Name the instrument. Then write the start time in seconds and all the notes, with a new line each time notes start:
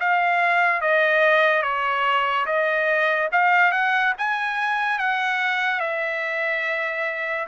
trumpet
0.00 F5
0.81 D#5
1.62 C#5
2.46 D#5
3.32 F5
3.72 F#5
4.18 G#5
4.99 F#5
5.80 E5